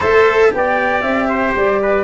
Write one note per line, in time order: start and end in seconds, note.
0.00 0.53 A3
0.00 0.51 A4
0.00 0.50 C5
0.00 0.53 E5
0.51 1.02 B3
0.51 2.04 G4
0.51 1.29 D5
0.51 1.01 G5
1.01 1.54 C4
1.01 1.52 E5
1.29 1.80 C5
1.55 2.04 G3
1.55 2.04 D5
1.81 2.04 B4